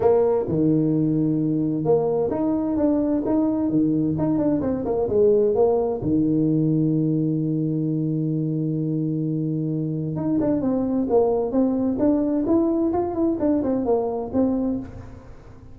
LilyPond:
\new Staff \with { instrumentName = "tuba" } { \time 4/4 \tempo 4 = 130 ais4 dis2. | ais4 dis'4 d'4 dis'4 | dis4 dis'8 d'8 c'8 ais8 gis4 | ais4 dis2.~ |
dis1~ | dis2 dis'8 d'8 c'4 | ais4 c'4 d'4 e'4 | f'8 e'8 d'8 c'8 ais4 c'4 | }